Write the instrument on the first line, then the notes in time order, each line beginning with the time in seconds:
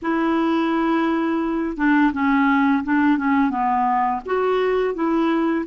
clarinet
0.02 E4
1.76 D4
2.12 C#4
2.83 D4
3.17 C#4
3.50 B3
4.25 F#4
4.94 E4